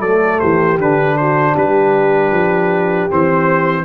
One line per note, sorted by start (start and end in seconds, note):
0.00 0.39 F#3
0.00 0.80 A3
0.00 0.38 A4
0.00 0.39 D5
0.39 0.78 E3
0.39 1.18 G4
0.39 0.78 C5
0.78 1.55 D3
0.78 3.10 D4
0.78 1.17 B4
1.17 1.53 F#4
1.17 1.56 C5
1.53 2.31 G3
1.53 3.84 G4
1.53 3.11 B4
2.31 3.08 F3
3.10 3.85 E3
3.10 3.85 C4
3.10 3.85 C5